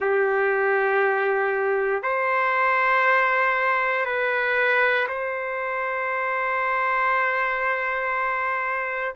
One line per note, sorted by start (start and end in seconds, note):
0.00 2.02 G4
2.02 4.05 C5
4.05 5.07 B4
5.08 9.14 C5